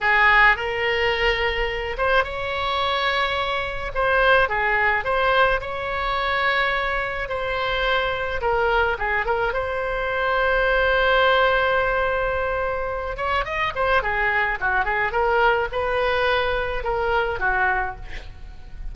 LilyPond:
\new Staff \with { instrumentName = "oboe" } { \time 4/4 \tempo 4 = 107 gis'4 ais'2~ ais'8 c''8 | cis''2. c''4 | gis'4 c''4 cis''2~ | cis''4 c''2 ais'4 |
gis'8 ais'8 c''2.~ | c''2.~ c''8 cis''8 | dis''8 c''8 gis'4 fis'8 gis'8 ais'4 | b'2 ais'4 fis'4 | }